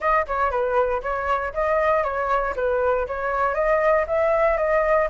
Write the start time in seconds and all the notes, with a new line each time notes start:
0.00 D#5
0.27 C#5
0.51 B4
1.02 C#5
1.53 D#5
2.03 C#5
2.56 B4
3.07 C#5
3.54 D#5
4.07 E5
4.57 D#5